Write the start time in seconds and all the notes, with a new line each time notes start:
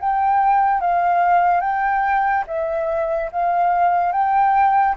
0.00 G5
0.81 F5
1.61 G5
2.47 E5
3.32 F5
4.12 G5